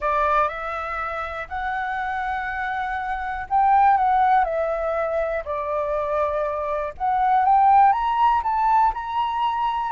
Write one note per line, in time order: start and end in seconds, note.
0.00 0.48 D5
0.48 1.47 E5
1.48 3.47 F#5
3.49 3.97 G5
3.97 4.44 F#5
4.44 5.43 E5
5.45 6.93 D5
6.97 7.45 F#5
7.45 7.92 G5
7.92 8.42 A#5
8.43 8.93 A5
8.94 9.92 A#5